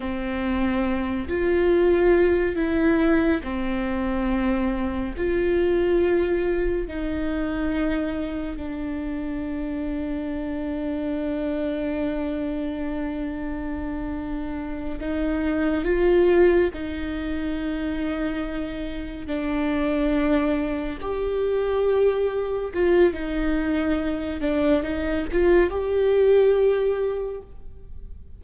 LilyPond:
\new Staff \with { instrumentName = "viola" } { \time 4/4 \tempo 4 = 70 c'4. f'4. e'4 | c'2 f'2 | dis'2 d'2~ | d'1~ |
d'4. dis'4 f'4 dis'8~ | dis'2~ dis'8 d'4.~ | d'8 g'2 f'8 dis'4~ | dis'8 d'8 dis'8 f'8 g'2 | }